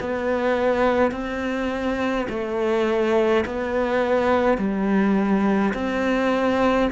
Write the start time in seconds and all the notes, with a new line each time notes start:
0.00 B3
1.11 C4
2.29 A3
3.45 B3
4.58 G3
5.74 C4